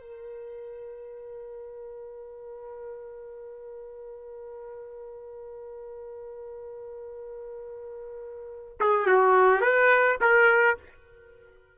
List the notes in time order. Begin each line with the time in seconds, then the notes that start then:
0.00 A#4
8.80 G#4
9.07 F#4
9.61 B4
10.21 A#4